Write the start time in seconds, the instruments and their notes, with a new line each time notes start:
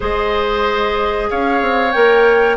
0.00 bassoon G#3, clarinet G#4, oboe C5, flute D#5
1.30 bassoon C#4, oboe C#5, flute F5
1.61 bassoon C4
1.92 bassoon A#3, clarinet A#4, flute G5